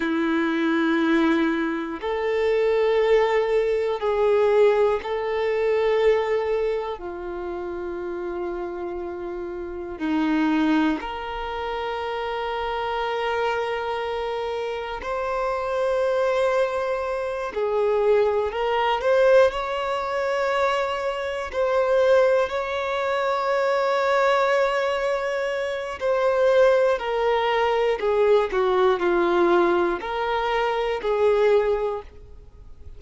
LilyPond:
\new Staff \with { instrumentName = "violin" } { \time 4/4 \tempo 4 = 60 e'2 a'2 | gis'4 a'2 f'4~ | f'2 dis'4 ais'4~ | ais'2. c''4~ |
c''4. gis'4 ais'8 c''8 cis''8~ | cis''4. c''4 cis''4.~ | cis''2 c''4 ais'4 | gis'8 fis'8 f'4 ais'4 gis'4 | }